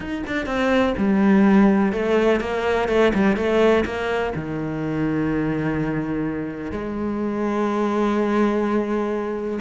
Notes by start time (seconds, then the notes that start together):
0.00 D#4
0.27 D4
0.46 C4
0.97 G3
1.92 A3
2.40 A#3
2.88 A3
3.14 G3
3.36 A3
3.85 A#3
4.35 D#3
6.71 G#3